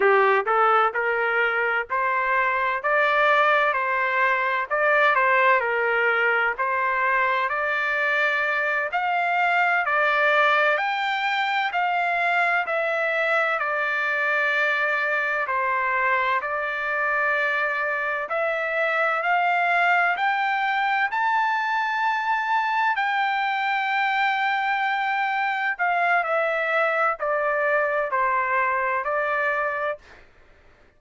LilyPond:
\new Staff \with { instrumentName = "trumpet" } { \time 4/4 \tempo 4 = 64 g'8 a'8 ais'4 c''4 d''4 | c''4 d''8 c''8 ais'4 c''4 | d''4. f''4 d''4 g''8~ | g''8 f''4 e''4 d''4.~ |
d''8 c''4 d''2 e''8~ | e''8 f''4 g''4 a''4.~ | a''8 g''2. f''8 | e''4 d''4 c''4 d''4 | }